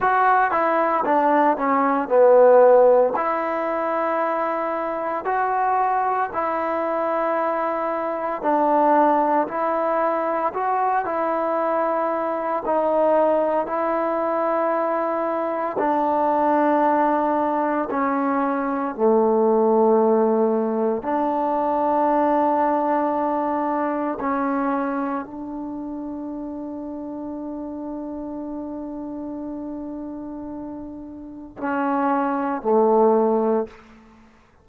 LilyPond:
\new Staff \with { instrumentName = "trombone" } { \time 4/4 \tempo 4 = 57 fis'8 e'8 d'8 cis'8 b4 e'4~ | e'4 fis'4 e'2 | d'4 e'4 fis'8 e'4. | dis'4 e'2 d'4~ |
d'4 cis'4 a2 | d'2. cis'4 | d'1~ | d'2 cis'4 a4 | }